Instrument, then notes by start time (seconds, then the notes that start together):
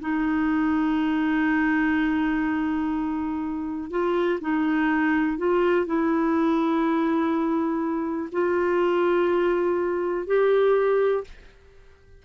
clarinet
0.00 D#4
3.90 F4
4.40 D#4
5.37 F4
5.86 E4
8.32 F4
10.26 G4